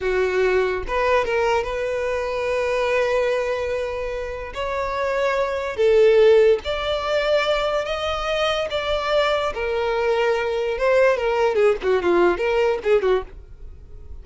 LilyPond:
\new Staff \with { instrumentName = "violin" } { \time 4/4 \tempo 4 = 145 fis'2 b'4 ais'4 | b'1~ | b'2. cis''4~ | cis''2 a'2 |
d''2. dis''4~ | dis''4 d''2 ais'4~ | ais'2 c''4 ais'4 | gis'8 fis'8 f'4 ais'4 gis'8 fis'8 | }